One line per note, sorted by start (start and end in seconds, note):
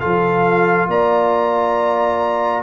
0.00 0.88 F3
0.00 2.63 F4
0.00 0.89 A4
0.00 0.88 F5
0.88 2.63 A#3
0.88 2.63 D5
0.88 2.63 A#5